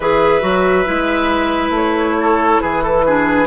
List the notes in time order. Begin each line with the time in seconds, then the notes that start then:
0.00 E3 G#4 B4 E5
0.41 F#3 F#4
0.85 G#3 E4
1.70 A3 C#5
2.20 A4
2.61 E3 G#4 B4
2.83 A4
3.06 D4 G#4